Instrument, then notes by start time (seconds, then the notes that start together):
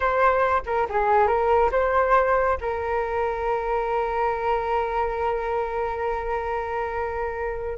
flute
0.00 C5
0.66 A#4
0.89 G#4
1.27 A#4
1.71 C5
2.61 A#4